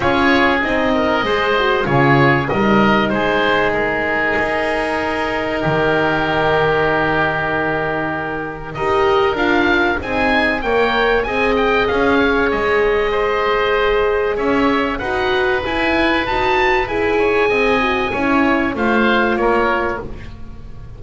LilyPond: <<
  \new Staff \with { instrumentName = "oboe" } { \time 4/4 \tempo 4 = 96 cis''4 dis''2 cis''4 | dis''4 c''4 ais'2~ | ais'1~ | ais'2 dis''4 f''4 |
gis''4 g''4 gis''8 g''8 f''4 | dis''2. e''4 | fis''4 gis''4 a''4 gis''4~ | gis''2 f''4 cis''4 | }
  \new Staff \with { instrumentName = "oboe" } { \time 4/4 gis'4. ais'8 c''4 gis'4 | ais'4 gis'2.~ | gis'4 g'2.~ | g'2 ais'2 |
gis'4 cis''4 dis''4. cis''8~ | cis''4 c''2 cis''4 | b'2.~ b'8 cis''8 | dis''4 cis''4 c''4 ais'4 | }
  \new Staff \with { instrumentName = "horn" } { \time 4/4 f'4 dis'4 gis'8 fis'8 f'4 | dis'1~ | dis'1~ | dis'2 g'4 f'4 |
dis'4 ais'4 gis'2~ | gis'1 | fis'4 e'4 fis'4 gis'4~ | gis'8 fis'8 e'4 f'2 | }
  \new Staff \with { instrumentName = "double bass" } { \time 4/4 cis'4 c'4 gis4 cis4 | g4 gis2 dis'4~ | dis'4 dis2.~ | dis2 dis'4 d'4 |
c'4 ais4 c'4 cis'4 | gis2. cis'4 | dis'4 e'4 dis'4 e'4 | c'4 cis'4 a4 ais4 | }
>>